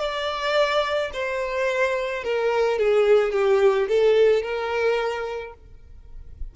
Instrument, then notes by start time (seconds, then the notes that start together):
violin
0.00 D5
1.14 C5
2.24 A#4
2.79 G#4
3.32 G4
3.89 A4
4.42 A#4